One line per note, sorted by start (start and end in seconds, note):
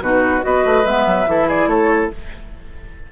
0.00 0.42 B2
0.00 0.41 D#4
0.00 0.45 F#4
0.00 0.43 B4
0.41 0.64 B3
0.41 0.83 F#4
0.41 1.29 B4
0.41 0.86 D#5
0.64 0.85 A3
0.85 1.06 G#3
0.85 1.27 B3
0.85 1.49 E5
1.06 1.26 F#3
1.26 1.66 E3
1.26 2.11 E4
1.26 1.47 A4
1.47 1.69 G#4
1.47 1.68 D5
1.66 2.09 A3
1.66 2.11 A4
1.66 2.11 C#5